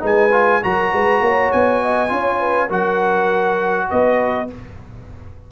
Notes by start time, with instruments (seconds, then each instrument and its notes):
0.00 tuba G#3, trombone D#4, horn B4, trumpet G#5
0.32 trombone F4
0.62 tuba F#3, trombone F#4, horn A#4, trumpet A#5
0.92 tuba G#3, horn B4
1.21 tuba A#3, horn C#5
1.52 tuba B3, trumpet G#5
1.82 horn D#5
2.09 tuba C#4, trombone F4, horn C#5
2.40 horn B4
2.68 tuba F#3, trombone F#4, horn A#4, trumpet F#5
3.90 tuba B3, horn B4, trumpet D#5